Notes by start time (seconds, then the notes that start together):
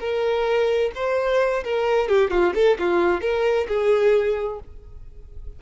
0.00 A#4
0.95 C5
1.64 A#4
2.09 G4
2.31 F4
2.55 A4
2.79 F4
3.21 A#4
3.68 G#4